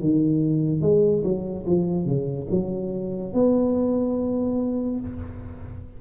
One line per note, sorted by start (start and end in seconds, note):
0.00 0.81 D#3
0.81 1.22 G#3
1.23 1.65 F#3
1.66 2.05 F3
2.05 2.47 C#3
2.50 3.33 F#3
3.33 5.00 B3